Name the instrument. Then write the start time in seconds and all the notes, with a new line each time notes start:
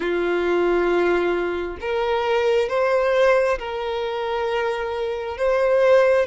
violin
0.00 F4
1.80 A#4
2.68 C5
3.58 A#4
5.37 C5